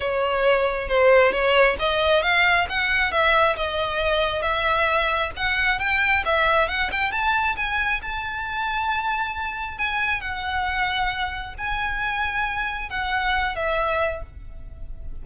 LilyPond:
\new Staff \with { instrumentName = "violin" } { \time 4/4 \tempo 4 = 135 cis''2 c''4 cis''4 | dis''4 f''4 fis''4 e''4 | dis''2 e''2 | fis''4 g''4 e''4 fis''8 g''8 |
a''4 gis''4 a''2~ | a''2 gis''4 fis''4~ | fis''2 gis''2~ | gis''4 fis''4. e''4. | }